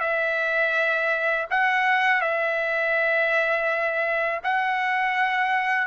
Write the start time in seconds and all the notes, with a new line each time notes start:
0.00 E5
1.50 F#5
2.21 E5
4.44 F#5